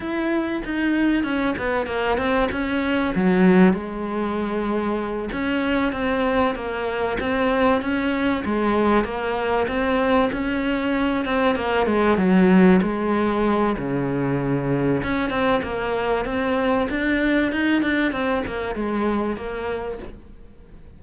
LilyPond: \new Staff \with { instrumentName = "cello" } { \time 4/4 \tempo 4 = 96 e'4 dis'4 cis'8 b8 ais8 c'8 | cis'4 fis4 gis2~ | gis8 cis'4 c'4 ais4 c'8~ | c'8 cis'4 gis4 ais4 c'8~ |
c'8 cis'4. c'8 ais8 gis8 fis8~ | fis8 gis4. cis2 | cis'8 c'8 ais4 c'4 d'4 | dis'8 d'8 c'8 ais8 gis4 ais4 | }